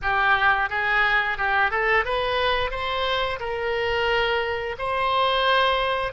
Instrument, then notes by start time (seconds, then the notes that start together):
oboe
0.02 G4
0.69 G#4
1.37 G4
1.70 A4
2.05 B4
2.71 C5
3.39 A#4
4.78 C5